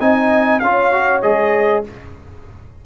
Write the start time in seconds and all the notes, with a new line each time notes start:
0.00 C4 D#4 D#5 G#5
0.60 C#4 F4 C#5 F5
0.93 F#4
1.23 G#3 G#4 D#5